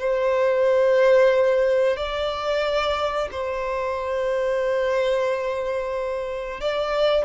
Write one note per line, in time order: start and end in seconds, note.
0.00 1.97 C5
1.97 3.28 D5
3.31 6.61 C5
6.61 7.25 D5